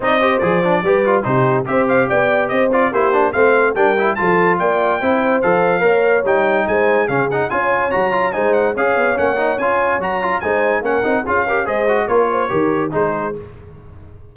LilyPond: <<
  \new Staff \with { instrumentName = "trumpet" } { \time 4/4 \tempo 4 = 144 dis''4 d''2 c''4 | e''8 f''8 g''4 dis''8 d''8 c''4 | f''4 g''4 a''4 g''4~ | g''4 f''2 g''4 |
gis''4 f''8 fis''8 gis''4 ais''4 | gis''8 fis''8 f''4 fis''4 gis''4 | ais''4 gis''4 fis''4 f''4 | dis''4 cis''2 c''4 | }
  \new Staff \with { instrumentName = "horn" } { \time 4/4 d''8 c''4. b'4 g'4 | c''4 d''4 c''4 g'4 | c''4 ais'4 a'4 d''4 | c''2 cis''2 |
c''4 gis'4 cis''2 | c''4 cis''2.~ | cis''4 c''4 ais'4 gis'8 ais'8 | c''4 ais'8 c''8 ais'4 gis'4 | }
  \new Staff \with { instrumentName = "trombone" } { \time 4/4 dis'8 g'8 gis'8 d'8 g'8 f'8 dis'4 | g'2~ g'8 f'8 e'8 d'8 | c'4 d'8 e'8 f'2 | e'4 a'4 ais'4 dis'4~ |
dis'4 cis'8 dis'8 f'4 fis'8 f'8 | dis'4 gis'4 cis'8 dis'8 f'4 | fis'8 f'8 dis'4 cis'8 dis'8 f'8 g'8 | gis'8 fis'8 f'4 g'4 dis'4 | }
  \new Staff \with { instrumentName = "tuba" } { \time 4/4 c'4 f4 g4 c4 | c'4 b4 c'4 ais4 | a4 g4 f4 ais4 | c'4 f4 ais4 g4 |
gis4 cis4 cis'4 fis4 | gis4 cis'8 b8 ais4 cis'4 | fis4 gis4 ais8 c'8 cis'4 | gis4 ais4 dis4 gis4 | }
>>